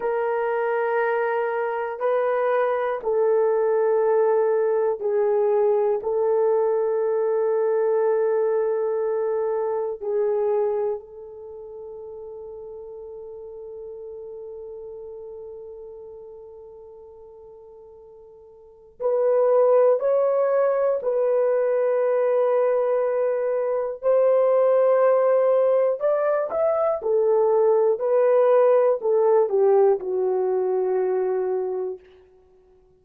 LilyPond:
\new Staff \with { instrumentName = "horn" } { \time 4/4 \tempo 4 = 60 ais'2 b'4 a'4~ | a'4 gis'4 a'2~ | a'2 gis'4 a'4~ | a'1~ |
a'2. b'4 | cis''4 b'2. | c''2 d''8 e''8 a'4 | b'4 a'8 g'8 fis'2 | }